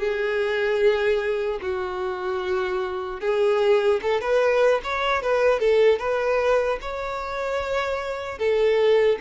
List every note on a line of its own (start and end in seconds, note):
0.00 1.60 G#4
1.62 3.21 F#4
3.21 4.01 G#4
4.02 4.21 A4
4.21 4.81 B4
4.84 5.23 C#5
5.23 5.60 B4
5.60 5.99 A4
5.99 6.79 B4
6.82 8.39 C#5
8.39 9.19 A4